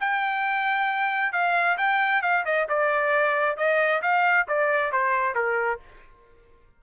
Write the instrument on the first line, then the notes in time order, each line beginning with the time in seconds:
trumpet
0.00 G5
1.32 F5
1.78 G5
2.22 F5
2.45 D#5
2.69 D5
3.57 D#5
4.02 F5
4.48 D5
4.92 C5
5.35 A#4